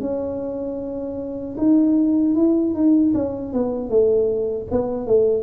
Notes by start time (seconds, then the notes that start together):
0.00 C#4
1.57 D#4
2.35 E4
2.74 D#4
3.14 C#4
3.52 B3
3.89 A3
4.70 B3
5.06 A3